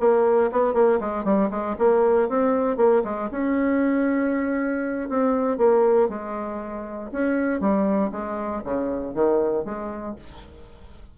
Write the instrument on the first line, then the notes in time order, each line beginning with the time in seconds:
bassoon
0.00 A#3
0.52 B3
0.74 A#3
1.00 G#3
1.24 G3
1.50 G#3
1.79 A#3
2.29 C4
2.77 A#3
3.04 G#3
3.31 C#4
5.09 C4
5.58 A#3
6.09 G#3
7.12 C#4
7.60 G3
8.12 G#3
8.64 C#3
9.14 D#3
9.65 G#3